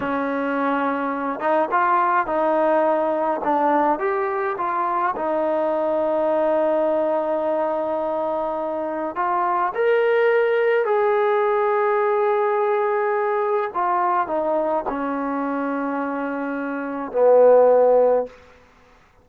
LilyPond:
\new Staff \with { instrumentName = "trombone" } { \time 4/4 \tempo 4 = 105 cis'2~ cis'8 dis'8 f'4 | dis'2 d'4 g'4 | f'4 dis'2.~ | dis'1 |
f'4 ais'2 gis'4~ | gis'1 | f'4 dis'4 cis'2~ | cis'2 b2 | }